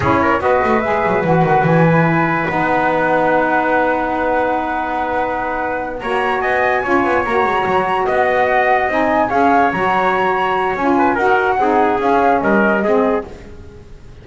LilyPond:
<<
  \new Staff \with { instrumentName = "flute" } { \time 4/4 \tempo 4 = 145 cis''4 dis''4 e''4 fis''4 | gis''2 fis''2~ | fis''1~ | fis''2~ fis''8 ais''4 gis''8~ |
gis''4. ais''2 fis''8~ | fis''4. gis''4 f''4 ais''8~ | ais''2 gis''4 fis''4~ | fis''4 f''4 dis''2 | }
  \new Staff \with { instrumentName = "trumpet" } { \time 4/4 gis'8 ais'8 b'2.~ | b'1~ | b'1~ | b'2~ b'8 cis''4 dis''8~ |
dis''8 cis''2. dis''8~ | dis''2~ dis''8 cis''4.~ | cis''2~ cis''8 b'8 ais'4 | gis'2 ais'4 gis'4 | }
  \new Staff \with { instrumentName = "saxophone" } { \time 4/4 e'4 fis'4 gis'4 fis'4~ | fis'8 e'4. dis'2~ | dis'1~ | dis'2~ dis'8 fis'4.~ |
fis'8 f'4 fis'2~ fis'8~ | fis'4. dis'4 gis'4 fis'8~ | fis'2 f'4 fis'4 | dis'4 cis'2 c'4 | }
  \new Staff \with { instrumentName = "double bass" } { \time 4/4 cis'4 b8 a8 gis8 fis8 e8 dis8 | e2 b2~ | b1~ | b2~ b8 ais4 b8~ |
b8 cis'8 b8 ais8 gis8 fis4 b8~ | b4. c'4 cis'4 fis8~ | fis2 cis'4 dis'4 | c'4 cis'4 g4 gis4 | }
>>